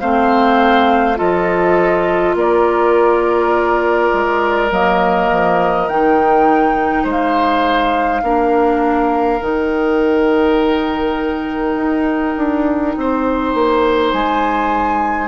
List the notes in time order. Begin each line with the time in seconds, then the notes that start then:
0.00 A3 C4 C5 F5
1.16 F3 F4 A4 D#5
2.35 A#3 A#4 D5
4.13 G#3
4.70 F#3 A#3 D#5
5.31 F3
5.89 D#3 D#4 G5
7.04 G#3 C5
7.11 F5
8.23 A#3 D4 A#4
9.40 D#3 D#4 G5
11.76 D#4
12.37 D4
12.97 C4 C5
13.54 A#3
14.11 G#3 G#5